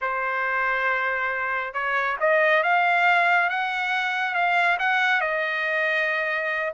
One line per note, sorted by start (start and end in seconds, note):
0.01 1.73 C5
1.73 2.17 C#5
2.20 2.63 D#5
2.63 3.49 F5
3.49 4.34 F#5
4.34 4.77 F5
4.79 5.20 F#5
5.20 6.73 D#5